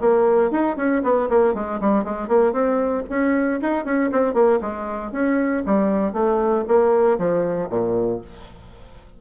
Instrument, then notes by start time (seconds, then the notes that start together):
bassoon
0.00 A#3
0.51 D#4
0.76 C#4
1.03 B3
1.29 A#3
1.54 G#3
1.80 G3
2.04 G#3
2.28 A#3
2.52 C4
3.09 C#4
3.61 D#4
3.85 C#4
4.12 C4
4.34 A#3
4.61 G#3
5.12 C#4
5.66 G3
6.13 A3
6.68 A#3
7.18 F3
7.70 A#2